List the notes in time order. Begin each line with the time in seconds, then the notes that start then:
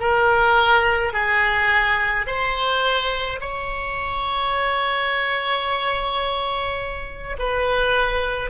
0.00 A#4
1.13 G#4
2.27 C5
3.41 C#5
7.39 B4